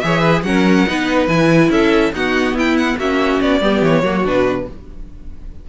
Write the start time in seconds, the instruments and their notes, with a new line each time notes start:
0.00 cello E3, viola G#4, violin C#5 E5
0.21 violin B4
0.42 cello F#3, viola C#4, violin A#4 F#5
0.87 cello B3, viola D#4, violin B4
1.27 cello E3, viola E4, violin G#5
1.70 cello C#4, violin A4 E5
2.12 viola B3, cello D#4, violin F#4 F#5
2.54 cello E4, violin E4 G5
2.77 violin F#5
2.98 cello A#3, viola C#4, violin F#4 E5
3.41 cello B3, violin D5
3.61 cello G3, viola B3, violin G4
3.82 cello E3, violin C#5
4.03 cello F#3, viola A#3, violin F#4
4.25 cello B2, viola D4, violin B4